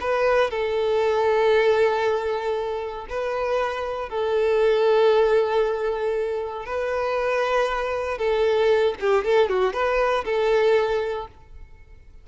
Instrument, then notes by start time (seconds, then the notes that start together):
violin
0.00 B4
0.50 A4
3.09 B4
4.09 A4
6.65 B4
8.17 A4
9.00 G4
9.24 A4
9.49 F#4
9.73 B4
10.24 A4